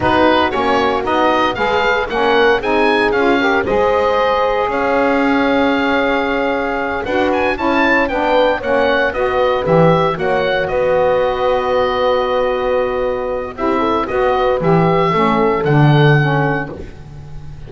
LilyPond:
<<
  \new Staff \with { instrumentName = "oboe" } { \time 4/4 \tempo 4 = 115 b'4 cis''4 dis''4 f''4 | fis''4 gis''4 f''4 dis''4~ | dis''4 f''2.~ | f''4. fis''8 gis''8 a''4 g''8~ |
g''8 fis''4 dis''4 e''4 fis''8~ | fis''8 dis''2.~ dis''8~ | dis''2 e''4 dis''4 | e''2 fis''2 | }
  \new Staff \with { instrumentName = "horn" } { \time 4/4 fis'2. b'4 | ais'4 gis'4. ais'8 c''4~ | c''4 cis''2.~ | cis''4. b'4 cis''4 b'8~ |
b'8 cis''4 b'2 cis''8~ | cis''8 b'2.~ b'8~ | b'2 g'8 a'8 b'4~ | b'4 a'2. | }
  \new Staff \with { instrumentName = "saxophone" } { \time 4/4 dis'4 cis'4 dis'4 gis'4 | cis'4 dis'4 f'8 g'8 gis'4~ | gis'1~ | gis'4. fis'4 e'4 d'8~ |
d'8 cis'4 fis'4 g'4 fis'8~ | fis'1~ | fis'2 e'4 fis'4 | g'4 cis'4 d'4 cis'4 | }
  \new Staff \with { instrumentName = "double bass" } { \time 4/4 b4 ais4 b4 gis4 | ais4 c'4 cis'4 gis4~ | gis4 cis'2.~ | cis'4. d'4 cis'4 b8~ |
b8 ais4 b4 e4 ais8~ | ais8 b2.~ b8~ | b2 c'4 b4 | e4 a4 d2 | }
>>